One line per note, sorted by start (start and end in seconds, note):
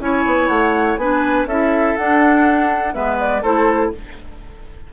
0.00 0.24 C#4
0.00 0.99 E4
0.00 1.00 C#5
0.00 0.47 G#5
0.26 0.49 B3
0.47 0.97 A3
0.47 0.96 F#5
0.97 1.45 B3
0.97 1.49 D4
0.97 1.47 B4
0.97 1.46 G#5
1.45 1.94 C#4
1.45 1.98 E4
1.45 2.94 A4
1.45 1.96 E5
1.96 2.93 D4
1.96 2.95 D4
1.96 2.94 F#5
2.93 3.43 G#3
2.93 3.41 B3
2.93 3.42 B4
2.93 3.18 E5
3.19 3.43 D5
3.42 3.92 A3
3.42 3.93 E4
3.42 3.91 A4
3.42 3.92 C5